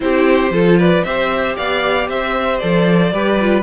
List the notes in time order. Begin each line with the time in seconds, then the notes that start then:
0.00 C4 E4 G4 C5
0.50 F3 F4 A4
0.78 B4 D5
1.03 C4 G4 C5 E5
1.56 B3 D5 F5
2.09 C4 C5 E5
2.58 F3 A4 D5
3.12 G3 G4 B4
3.41 F4